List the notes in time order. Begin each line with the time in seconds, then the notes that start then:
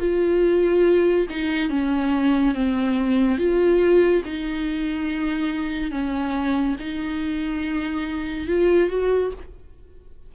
0.00 F4
1.30 D#4
1.70 C#4
2.55 C4
3.38 F4
4.25 D#4
5.92 C#4
6.80 D#4
8.48 F4
8.90 F#4